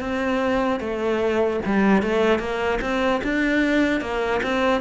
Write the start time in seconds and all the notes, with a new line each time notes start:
0.00 C4
0.80 A3
1.65 G3
2.03 A3
2.39 A#3
2.81 C4
3.24 D4
4.01 A#3
4.43 C4